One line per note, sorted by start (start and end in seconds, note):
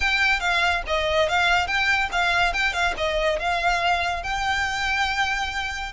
0.00 0.40 G5
0.40 0.82 F5
0.86 1.28 D#5
1.28 1.67 F5
1.67 2.09 G5
2.12 2.53 F5
2.53 2.73 G5
2.73 2.94 F5
2.97 3.39 D#5
3.39 4.23 F5
4.23 5.92 G5